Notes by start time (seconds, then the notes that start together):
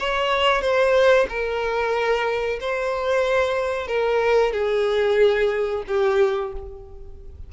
0.00 C#5
0.61 C5
1.29 A#4
2.60 C5
3.88 A#4
4.53 G#4
5.88 G4